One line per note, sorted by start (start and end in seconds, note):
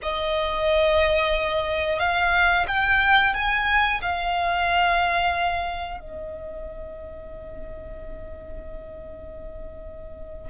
0.02 1.99 D#5
1.99 2.65 F5
2.67 3.34 G5
3.34 4.00 G#5
4.01 6.00 F5
6.00 10.49 D#5